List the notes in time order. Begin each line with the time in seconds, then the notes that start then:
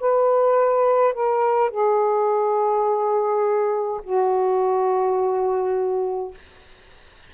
0.00 B4
1.14 A#4
1.70 G#4
4.03 F#4